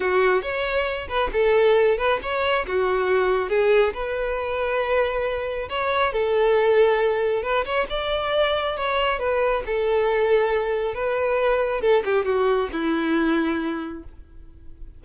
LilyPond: \new Staff \with { instrumentName = "violin" } { \time 4/4 \tempo 4 = 137 fis'4 cis''4. b'8 a'4~ | a'8 b'8 cis''4 fis'2 | gis'4 b'2.~ | b'4 cis''4 a'2~ |
a'4 b'8 cis''8 d''2 | cis''4 b'4 a'2~ | a'4 b'2 a'8 g'8 | fis'4 e'2. | }